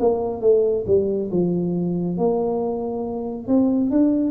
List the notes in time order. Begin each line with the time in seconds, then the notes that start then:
0.00 A#3
0.42 A3
0.87 G3
1.31 F3
2.18 A#3
3.48 C4
3.91 D4